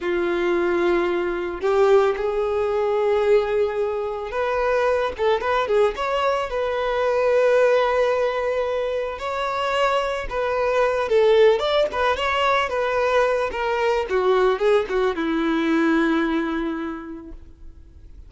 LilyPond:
\new Staff \with { instrumentName = "violin" } { \time 4/4 \tempo 4 = 111 f'2. g'4 | gis'1 | b'4. a'8 b'8 gis'8 cis''4 | b'1~ |
b'4 cis''2 b'4~ | b'8 a'4 d''8 b'8 cis''4 b'8~ | b'4 ais'4 fis'4 gis'8 fis'8 | e'1 | }